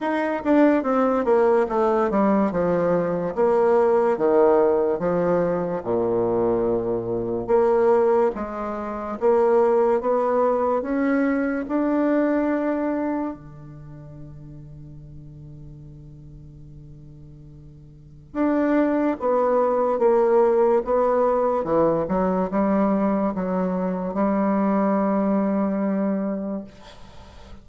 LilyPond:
\new Staff \with { instrumentName = "bassoon" } { \time 4/4 \tempo 4 = 72 dis'8 d'8 c'8 ais8 a8 g8 f4 | ais4 dis4 f4 ais,4~ | ais,4 ais4 gis4 ais4 | b4 cis'4 d'2 |
d1~ | d2 d'4 b4 | ais4 b4 e8 fis8 g4 | fis4 g2. | }